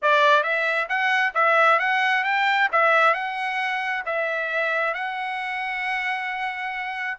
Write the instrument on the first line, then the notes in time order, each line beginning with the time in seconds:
trumpet
0.02 D5
0.43 E5
0.88 F#5
1.34 E5
1.79 F#5
2.24 G5
2.72 E5
3.14 F#5
4.05 E5
4.94 F#5